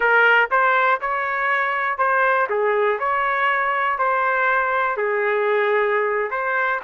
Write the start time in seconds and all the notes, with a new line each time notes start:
0.00 A#4
0.50 C5
1.00 C#5
1.98 C5
2.49 G#4
2.99 C#5
3.98 C5
4.96 G#4
6.30 C5